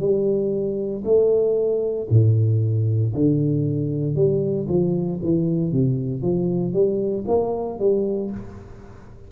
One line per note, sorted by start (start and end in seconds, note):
0.00 1.03 G3
1.04 2.08 A3
2.10 3.14 A2
3.15 4.15 D3
4.15 4.67 G3
4.69 5.21 F3
5.22 5.72 E3
5.72 6.22 C3
6.22 6.73 F3
6.73 7.25 G3
7.28 7.79 A#3
7.79 8.31 G3